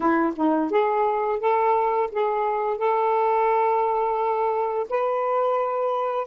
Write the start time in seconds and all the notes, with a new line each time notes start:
0.00 E4
0.36 D#4
0.70 G#4
1.40 A4
2.11 G#4
2.77 A4
4.89 B4